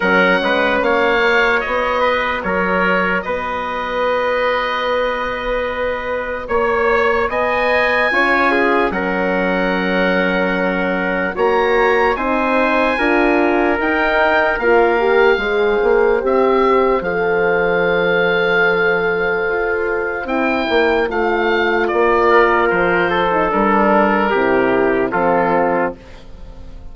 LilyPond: <<
  \new Staff \with { instrumentName = "oboe" } { \time 4/4 \tempo 4 = 74 fis''4 f''4 dis''4 cis''4 | dis''1 | cis''4 gis''2 fis''4~ | fis''2 ais''4 gis''4~ |
gis''4 g''4 f''2 | e''4 f''2.~ | f''4 g''4 f''4 d''4 | c''4 ais'2 a'4 | }
  \new Staff \with { instrumentName = "trumpet" } { \time 4/4 ais'8 b'8 cis''4. b'8 ais'4 | b'1 | cis''4 dis''4 cis''8 gis'8 ais'4~ | ais'2 cis''4 c''4 |
ais'2. c''4~ | c''1~ | c''2.~ c''8 ais'8~ | ais'8 a'4. g'4 f'4 | }
  \new Staff \with { instrumentName = "horn" } { \time 4/4 cis'4. fis'2~ fis'8~ | fis'1~ | fis'2 f'4 cis'4~ | cis'2 fis'4 dis'4 |
f'4 dis'4 f'8 g'8 gis'4 | g'4 a'2.~ | a'4 e'4 f'2~ | f'8. dis'16 d'4 e'4 c'4 | }
  \new Staff \with { instrumentName = "bassoon" } { \time 4/4 fis8 gis8 ais4 b4 fis4 | b1 | ais4 b4 cis'4 fis4~ | fis2 ais4 c'4 |
d'4 dis'4 ais4 gis8 ais8 | c'4 f2. | f'4 c'8 ais8 a4 ais4 | f4 g4 c4 f4 | }
>>